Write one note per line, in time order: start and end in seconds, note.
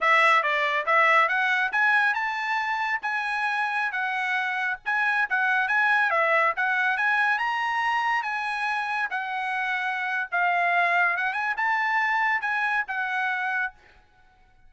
0.00 0.42 E5
0.42 0.85 D5
0.86 1.28 E5
1.28 1.71 F#5
1.71 2.14 G#5
2.14 2.99 A5
3.01 3.92 G#5
3.92 4.77 F#5
4.85 5.28 G#5
5.29 5.68 F#5
5.68 6.10 G#5
6.10 6.53 E5
6.56 6.97 F#5
6.97 7.38 G#5
7.38 8.23 A#5
8.23 9.08 G#5
9.10 10.28 F#5
10.31 11.16 F5
11.16 11.33 F#5
11.33 11.54 G#5
11.56 12.41 A5
12.41 12.84 G#5
12.87 13.73 F#5